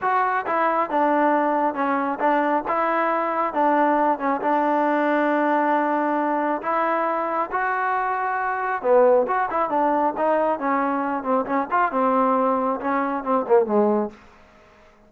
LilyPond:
\new Staff \with { instrumentName = "trombone" } { \time 4/4 \tempo 4 = 136 fis'4 e'4 d'2 | cis'4 d'4 e'2 | d'4. cis'8 d'2~ | d'2. e'4~ |
e'4 fis'2. | b4 fis'8 e'8 d'4 dis'4 | cis'4. c'8 cis'8 f'8 c'4~ | c'4 cis'4 c'8 ais8 gis4 | }